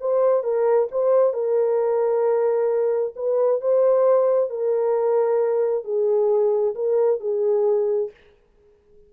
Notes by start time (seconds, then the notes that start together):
0.00 C5
0.43 A#4
0.91 C5
1.33 A#4
3.15 B4
3.60 C5
4.49 A#4
5.84 G#4
6.75 A#4
7.20 G#4